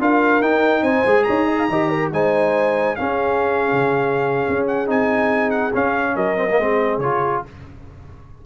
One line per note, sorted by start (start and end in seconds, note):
0.00 0.41 D4
0.00 0.43 F4
0.00 0.83 A#4
0.00 0.42 F5
0.41 0.82 D#4
0.41 1.06 D#4
0.41 0.84 G5
0.82 1.04 C4
0.82 1.26 C5
0.82 1.24 G#5
1.07 1.28 G#3
1.07 1.71 G#4
1.24 1.69 D#4
1.24 1.46 C#5
1.24 2.09 A#5
1.46 1.57 D#5
1.59 1.69 F5
1.69 2.11 D#3
1.69 2.14 G4
1.69 1.89 D#5
1.89 2.10 A#4
2.12 2.97 G#3
2.12 2.97 D#4
2.12 2.99 C5
2.12 2.96 G#5
2.96 4.87 C#4
2.96 3.72 C#4
2.96 6.15 G#4
2.96 4.66 F5
3.72 4.47 C#3
4.49 4.89 C#4
4.68 4.89 F#5
4.87 5.74 C4
4.87 5.72 D#4
4.87 5.51 G#5
5.51 5.72 F#5
5.74 6.37 C#4
5.74 6.16 C#4
5.74 6.16 F5
6.15 6.59 F#3
6.15 6.58 A#4
6.15 7.00 D#5
6.37 6.48 C4
6.50 6.60 A#3
6.59 6.98 G#3
6.59 7.03 C4
6.59 7.45 G#4
6.98 7.41 C#3
6.98 7.46 F4
6.98 7.43 C#5